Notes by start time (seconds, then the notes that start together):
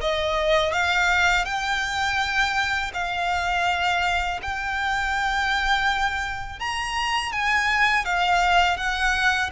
0.00 D#5
0.72 F5
1.45 G5
2.93 F5
4.42 G5
6.59 A#5
7.32 G#5
8.05 F5
8.77 F#5